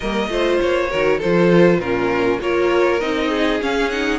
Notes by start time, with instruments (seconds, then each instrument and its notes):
0.00 cello G3, viola A#3, violin A#4 D#5
0.28 cello A3, viola F4, violin C5
0.60 cello A#3, violin C#5
0.90 cello D#3, viola F#4, violin A#4
1.18 cello F3, violin A4 C5
1.25 viola F4
1.77 cello A#2, viola C#4, violin F4 A#4
2.40 cello A#3, viola F4, violin A#4 C#5
3.00 cello C4, viola D#4, violin D#5
3.29 violin G#4
3.60 viola C#4, cello C#4, violin F5
3.90 viola D#4, violin F#5